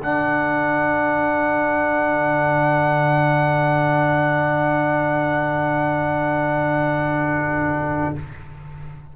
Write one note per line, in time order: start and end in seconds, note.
0.00 8.14 D3
0.00 8.15 D4
0.00 8.15 A4
0.00 8.16 F#5